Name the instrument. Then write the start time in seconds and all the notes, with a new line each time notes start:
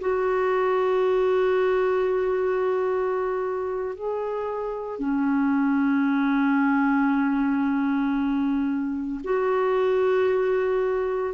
clarinet
0.00 F#4
3.95 G#4
4.99 C#4
9.24 F#4